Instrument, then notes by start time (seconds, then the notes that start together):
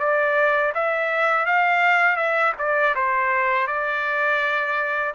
trumpet
0.00 D5
0.75 E5
1.47 F5
2.17 E5
2.59 D5
2.96 C5
3.68 D5